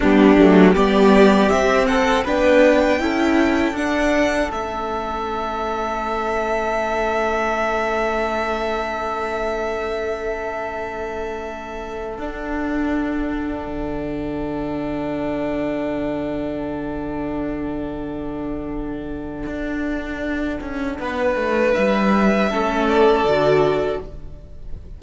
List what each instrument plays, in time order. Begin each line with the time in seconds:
0.00 cello G3, viola B3, violin D4 G4
0.37 cello F#3, viola A3
0.74 cello G3, viola B3, violin G4 D5
1.49 viola C4, cello C4, violin E5
1.85 violin A4 F#5
2.24 cello B3, viola D4, violin B4 G5
2.99 cello C#4, viola E4, violin A4
3.72 cello D4, viola D4, violin F#5
4.50 cello A3, viola C#4, violin E5
12.17 cello D4, viola D4, violin F#5
13.67 cello D3
19.46 cello D4
20.60 cello C#4
20.98 cello B3, violin B4
21.35 cello A3
21.73 cello G3, violin E5
22.49 cello A3, viola C#4, violin A4
22.88 violin D5
23.23 cello D3, viola F#4